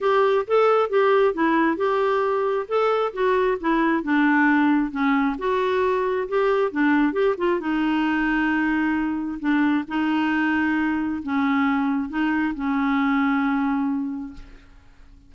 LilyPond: \new Staff \with { instrumentName = "clarinet" } { \time 4/4 \tempo 4 = 134 g'4 a'4 g'4 e'4 | g'2 a'4 fis'4 | e'4 d'2 cis'4 | fis'2 g'4 d'4 |
g'8 f'8 dis'2.~ | dis'4 d'4 dis'2~ | dis'4 cis'2 dis'4 | cis'1 | }